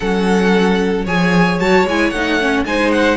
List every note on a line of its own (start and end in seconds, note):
0.00 1.06 F#3
0.00 1.06 C#4
0.00 1.04 A4
0.00 1.06 F#5
1.04 1.59 F3
1.04 1.59 G#4
1.04 2.64 C#5
1.04 1.59 G#5
1.59 1.84 F#3
1.59 1.86 F#4
1.59 1.86 A5
1.84 2.11 G#3
1.84 2.14 E4
1.84 2.10 G#5
2.10 2.64 A3
2.10 2.40 D#4
2.10 2.63 F#5
2.40 2.65 C#4
2.65 3.17 G#3
2.65 3.17 D#4
2.65 3.17 C5
2.65 2.91 G#5
2.91 3.17 F#5